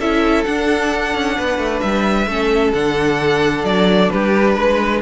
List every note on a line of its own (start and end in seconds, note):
0.00 0.46 C#4
0.00 0.46 E4
0.00 1.37 A4
0.00 0.44 E5
0.44 2.29 D4
0.44 1.15 D4
0.44 1.80 F#5
1.15 1.38 C#4
1.37 1.58 B3
1.37 2.29 B4
1.58 1.81 A3
1.80 2.27 G3
1.80 2.72 E5
2.27 2.73 A3
2.27 2.75 C#4
2.27 4.12 A4
2.74 3.64 D3
2.74 5.02 D4
2.74 3.65 F#5
3.64 4.10 F#3
3.64 4.11 D5
4.11 4.58 G3
4.11 4.55 G4
4.11 5.02 B4
4.55 5.02 G#3
4.55 5.01 B4